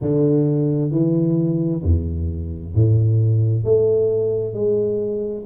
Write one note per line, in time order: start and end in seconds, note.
0.01 0.91 D3
0.91 1.82 E3
1.83 2.74 E2
2.74 3.64 A2
3.64 4.53 A3
4.53 5.44 G#3